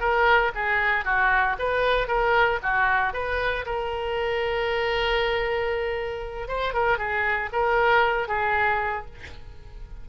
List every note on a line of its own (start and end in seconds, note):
0.00 0.52 A#4
0.55 1.05 G#4
1.05 1.56 F#4
1.59 2.07 B4
2.07 2.59 A#4
2.63 3.13 F#4
3.13 3.65 B4
3.66 6.48 A#4
6.48 6.73 C5
6.73 6.98 A#4
6.98 7.50 G#4
7.52 8.28 A#4
8.28 9.06 G#4